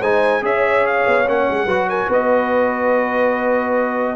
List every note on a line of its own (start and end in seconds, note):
0.00 0.41 G#3
0.00 0.41 D#4
0.00 0.42 C5
0.00 0.43 G#5
0.41 1.04 C#4
0.41 1.25 G#4
0.41 1.65 C#5
0.41 0.86 E5
0.86 1.28 F5
1.07 1.27 B3
1.26 1.48 A#3
1.26 1.68 C#4
1.26 1.89 F#5
1.50 1.65 G#3
1.65 2.07 F#3
1.65 4.15 F#4
1.65 1.86 B4
1.89 2.05 A#4
1.89 2.10 G#5
2.05 4.15 B3
2.05 4.14 B4
2.12 4.15 D#5